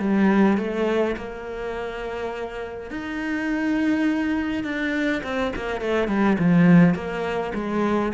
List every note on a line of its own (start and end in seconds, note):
0.00 0.58 G3
0.58 1.16 A3
1.17 2.91 A#3
2.91 4.64 D#4
4.64 5.23 D4
5.24 5.53 C4
5.56 5.81 A#3
5.81 6.08 A3
6.08 6.37 G3
6.39 6.95 F3
6.95 7.53 A#3
7.55 8.13 G#3